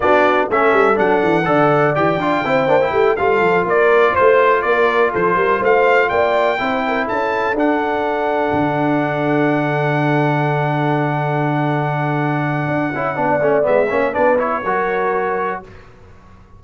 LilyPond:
<<
  \new Staff \with { instrumentName = "trumpet" } { \time 4/4 \tempo 4 = 123 d''4 e''4 fis''2 | g''2~ g''8 f''4 d''8~ | d''8 c''4 d''4 c''4 f''8~ | f''8 g''2 a''4 fis''8~ |
fis''1~ | fis''1~ | fis''1 | e''4 d''8 cis''2~ cis''8 | }
  \new Staff \with { instrumentName = "horn" } { \time 4/4 fis'4 a'2 d''4~ | d''4 c''4 g'8 a'4 ais'8~ | ais'8 c''4 ais'4 a'8 ais'8 c''8~ | c''8 d''4 c''8 ais'8 a'4.~ |
a'1~ | a'1~ | a'2. d''4~ | d''8 cis''8 b'4 ais'2 | }
  \new Staff \with { instrumentName = "trombone" } { \time 4/4 d'4 cis'4 d'4 a'4 | g'8 f'8 e'8 d'16 e'8. f'4.~ | f'1~ | f'4. e'2 d'8~ |
d'1~ | d'1~ | d'2~ d'8 e'8 d'8 cis'8 | b8 cis'8 d'8 e'8 fis'2 | }
  \new Staff \with { instrumentName = "tuba" } { \time 4/4 b4 a8 g8 fis8 e8 d4 | e8 d'8 c'8 ais8 a8 g8 f8 ais8~ | ais8 a4 ais4 f8 g8 a8~ | a8 ais4 c'4 cis'4 d'8~ |
d'4. d2~ d8~ | d1~ | d2 d'8 cis'8 b8 a8 | gis8 ais8 b4 fis2 | }
>>